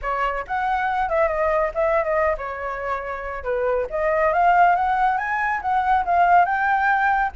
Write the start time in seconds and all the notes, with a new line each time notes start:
0.02 C#5
0.47 F#5
1.09 E5
1.28 D#5
1.74 E5
2.04 D#5
2.37 C#5
3.43 B4
3.90 D#5
4.33 F5
4.75 F#5
5.17 G#5
5.61 F#5
6.05 F5
6.45 G5